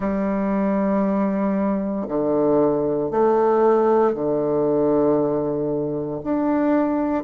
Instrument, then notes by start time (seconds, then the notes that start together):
bassoon
0.00 G3
2.08 D3
3.10 A3
4.14 D3
6.23 D4